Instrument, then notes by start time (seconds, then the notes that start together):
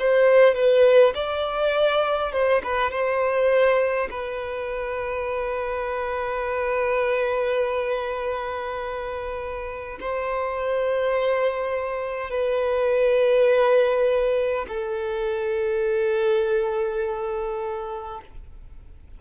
violin
0.00 C5
0.55 B4
1.14 D5
2.33 C5
2.64 B4
2.91 C5
4.11 B4
10.01 C5
12.30 B4
14.68 A4